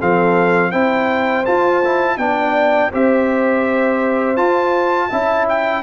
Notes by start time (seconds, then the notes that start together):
0.00 F3 C4 A4 F5
0.71 C4 E4 C5 G5
1.46 F4 A5
1.85 E4
2.18 B3 D4 D5 G5
2.92 C4 G4 C5 E5
4.37 F4 A5
5.09 C#4 E4 E5
5.50 G5